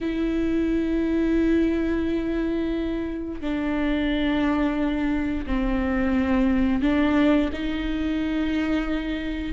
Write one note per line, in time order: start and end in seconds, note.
0.01 3.41 E4
3.41 5.45 D4
5.46 6.82 C4
6.82 7.50 D4
7.52 9.52 D#4